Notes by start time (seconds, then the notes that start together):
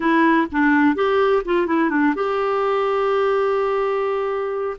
0.00 E4
0.51 D4
0.95 G4
1.45 F4
1.67 E4
1.90 D4
2.15 G4